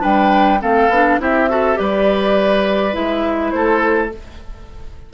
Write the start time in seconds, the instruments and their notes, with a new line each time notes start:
0.00 bassoon G3, clarinet D4, oboe B4, flute G5
0.61 bassoon A3, clarinet C4, oboe A4, flute F5
0.89 bassoon B3, clarinet D4
1.20 bassoon C4, clarinet E4, oboe G4, flute E5
1.49 clarinet F#4, oboe A4
1.75 bassoon G3, clarinet G4, oboe B4, flute D5
2.93 bassoon G#3, clarinet E4, flute E5
3.50 bassoon A3, oboe A4, flute C5